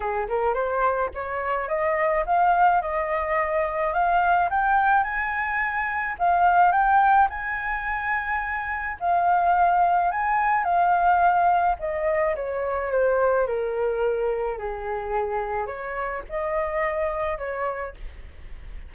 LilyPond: \new Staff \with { instrumentName = "flute" } { \time 4/4 \tempo 4 = 107 gis'8 ais'8 c''4 cis''4 dis''4 | f''4 dis''2 f''4 | g''4 gis''2 f''4 | g''4 gis''2. |
f''2 gis''4 f''4~ | f''4 dis''4 cis''4 c''4 | ais'2 gis'2 | cis''4 dis''2 cis''4 | }